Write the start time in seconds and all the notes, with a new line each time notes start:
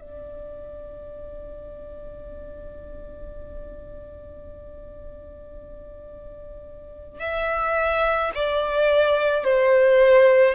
0.00 D5
7.19 E5
8.34 D5
9.43 C5